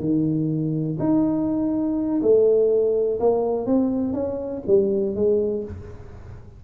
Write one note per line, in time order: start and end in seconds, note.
0.00 0.98 D#3
1.00 2.22 D#4
2.22 3.20 A3
3.20 3.67 A#3
3.67 4.14 C4
4.14 4.63 C#4
4.67 5.16 G3
5.16 5.64 G#3